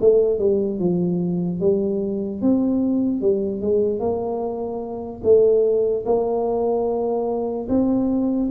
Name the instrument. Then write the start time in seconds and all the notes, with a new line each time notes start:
tuba
0.00 A3
0.39 G3
0.79 F3
1.60 G3
2.41 C4
3.21 G3
3.61 G#3
4.00 A#3
5.23 A3
6.05 A#3
7.68 C4